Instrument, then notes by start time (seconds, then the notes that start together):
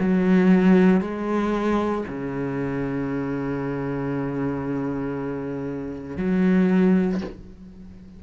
cello
0.00 F#3
1.01 G#3
2.08 C#3
6.18 F#3